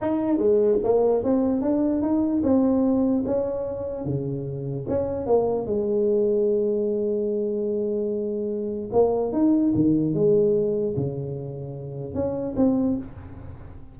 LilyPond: \new Staff \with { instrumentName = "tuba" } { \time 4/4 \tempo 4 = 148 dis'4 gis4 ais4 c'4 | d'4 dis'4 c'2 | cis'2 cis2 | cis'4 ais4 gis2~ |
gis1~ | gis2 ais4 dis'4 | dis4 gis2 cis4~ | cis2 cis'4 c'4 | }